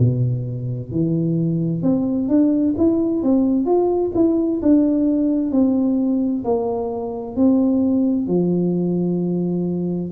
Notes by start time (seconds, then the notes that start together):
0.00 B2
0.92 E3
1.83 C4
2.29 D4
2.78 E4
3.23 C4
3.66 F4
4.15 E4
4.62 D4
5.52 C4
6.45 A#3
7.36 C4
8.28 F3